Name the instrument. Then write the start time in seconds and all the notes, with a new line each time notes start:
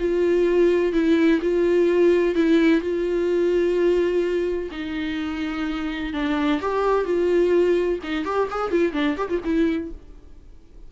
viola
0.00 F4
0.93 E4
1.42 F4
2.36 E4
2.81 F4
4.72 D#4
6.14 D4
6.62 G4
7.05 F4
8.04 D#4
8.25 G4
8.51 G#4
8.72 F4
8.93 D4
9.18 G4
9.30 F4
9.45 E4